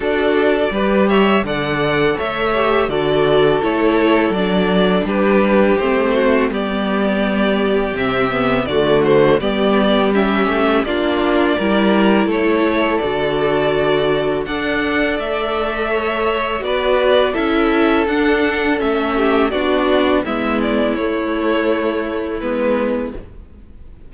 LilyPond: <<
  \new Staff \with { instrumentName = "violin" } { \time 4/4 \tempo 4 = 83 d''4. e''8 fis''4 e''4 | d''4 cis''4 d''4 b'4 | c''4 d''2 e''4 | d''8 c''8 d''4 e''4 d''4~ |
d''4 cis''4 d''2 | fis''4 e''2 d''4 | e''4 fis''4 e''4 d''4 | e''8 d''8 cis''2 b'4 | }
  \new Staff \with { instrumentName = "violin" } { \time 4/4 a'4 b'8 cis''8 d''4 cis''4 | a'2. g'4~ | g'8 fis'8 g'2. | fis'4 g'2 f'4 |
ais'4 a'2. | d''2 cis''4 b'4 | a'2~ a'8 g'8 fis'4 | e'1 | }
  \new Staff \with { instrumentName = "viola" } { \time 4/4 fis'4 g'4 a'4. g'8 | fis'4 e'4 d'2 | c'4 b2 c'8 b8 | a4 b4 cis'4 d'4 |
e'2 fis'2 | a'2. fis'4 | e'4 d'4 cis'4 d'4 | b4 a2 b4 | }
  \new Staff \with { instrumentName = "cello" } { \time 4/4 d'4 g4 d4 a4 | d4 a4 fis4 g4 | a4 g2 c4 | d4 g4. a8 ais4 |
g4 a4 d2 | d'4 a2 b4 | cis'4 d'4 a4 b4 | gis4 a2 gis4 | }
>>